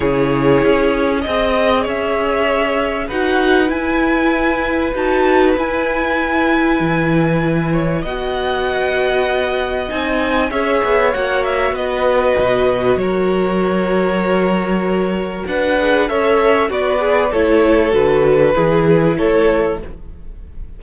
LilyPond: <<
  \new Staff \with { instrumentName = "violin" } { \time 4/4 \tempo 4 = 97 cis''2 dis''4 e''4~ | e''4 fis''4 gis''2 | a''4 gis''2.~ | gis''4 fis''2. |
gis''4 e''4 fis''8 e''8 dis''4~ | dis''4 cis''2.~ | cis''4 fis''4 e''4 d''4 | cis''4 b'2 cis''4 | }
  \new Staff \with { instrumentName = "violin" } { \time 4/4 gis'2 dis''4 cis''4~ | cis''4 b'2.~ | b'1~ | b'8 cis''8 dis''2.~ |
dis''4 cis''2 b'4~ | b'4 ais'2.~ | ais'4 b'4 cis''4 fis'8 gis'8 | a'2 gis'4 a'4 | }
  \new Staff \with { instrumentName = "viola" } { \time 4/4 e'2 gis'2~ | gis'4 fis'4 e'2 | fis'4 e'2.~ | e'4 fis'2. |
dis'4 gis'4 fis'2~ | fis'1~ | fis'4. gis'8 a'4 b'4 | e'4 fis'4 e'2 | }
  \new Staff \with { instrumentName = "cello" } { \time 4/4 cis4 cis'4 c'4 cis'4~ | cis'4 dis'4 e'2 | dis'4 e'2 e4~ | e4 b2. |
c'4 cis'8 b8 ais4 b4 | b,4 fis2.~ | fis4 d'4 cis'4 b4 | a4 d4 e4 a4 | }
>>